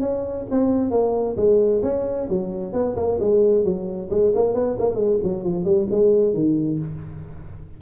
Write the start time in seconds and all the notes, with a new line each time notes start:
0.00 C#4
0.50 C4
0.91 A#3
1.37 G#3
1.83 C#4
2.29 F#3
2.73 B3
2.96 A#3
3.20 G#3
3.64 F#3
4.10 G#3
4.35 A#3
4.54 B3
4.78 A#3
4.95 G#3
5.23 F#3
5.43 F3
5.65 G3
5.91 G#3
6.34 D#3